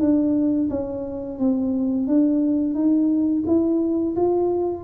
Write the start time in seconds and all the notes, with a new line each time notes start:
0.00 D4
0.70 C#4
1.39 C4
2.07 D4
2.74 D#4
3.46 E4
4.16 F4